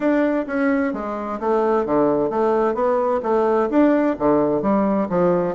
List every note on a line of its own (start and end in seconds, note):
0.00 0.45 D4
0.47 0.93 C#4
0.93 1.39 G#3
1.40 1.85 A3
1.85 2.30 D3
2.30 2.74 A3
2.74 3.20 B3
3.23 3.69 A3
3.69 4.16 D4
4.18 4.62 D3
4.62 5.08 G3
5.09 5.55 F3